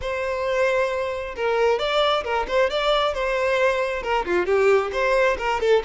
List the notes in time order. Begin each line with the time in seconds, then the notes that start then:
0.01 C5
1.36 A#4
1.78 D5
2.23 A#4
2.47 C5
2.70 D5
3.14 C5
4.02 A#4
4.25 F4
4.46 G4
4.92 C5
5.38 A#4
5.60 A4